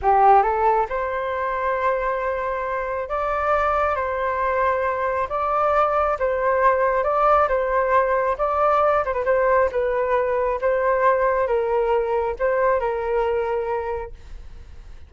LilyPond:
\new Staff \with { instrumentName = "flute" } { \time 4/4 \tempo 4 = 136 g'4 a'4 c''2~ | c''2. d''4~ | d''4 c''2. | d''2 c''2 |
d''4 c''2 d''4~ | d''8 c''16 b'16 c''4 b'2 | c''2 ais'2 | c''4 ais'2. | }